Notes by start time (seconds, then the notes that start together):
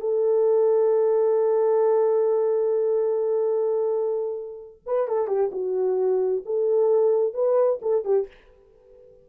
0.00 A4
4.86 B4
5.08 A4
5.27 G4
5.52 F#4
6.45 A4
7.34 B4
7.82 A4
8.04 G4